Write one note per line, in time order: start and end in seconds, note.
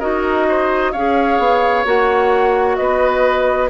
0.00 0.94 D#4
0.00 0.93 F#4
0.00 0.46 A#4
0.00 0.92 D#5
0.48 0.92 C5
0.92 1.39 C#4
0.92 1.85 G#4
0.92 2.77 C#5
0.92 1.85 F5
1.39 1.85 B3
1.85 2.78 A#3
1.85 3.70 F#4
1.85 2.76 F#5
2.76 3.70 B3
2.76 3.70 B4
2.76 3.69 D#5